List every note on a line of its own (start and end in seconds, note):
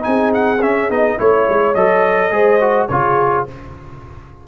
0.00 0.57 D#4
0.00 0.31 G#5
0.06 0.62 C4
0.06 1.18 G#4
0.34 0.62 F#5
0.62 0.90 C#4
0.62 0.89 C#4
0.62 0.90 E5
0.89 1.18 B3
0.89 1.17 D#4
0.89 1.19 D#5
1.17 1.48 A3
1.17 1.74 E4
1.17 2.31 C#5
1.17 1.74 C#5
1.49 1.75 G#3
1.74 2.30 F#3
1.74 2.30 A4
1.74 2.87 D#5
2.30 2.87 G#3
2.30 2.58 G#4
2.30 2.89 C5
2.60 2.88 F#4
2.87 3.46 C#3
2.87 3.47 F4
2.87 3.47 G#4
2.87 3.44 C#5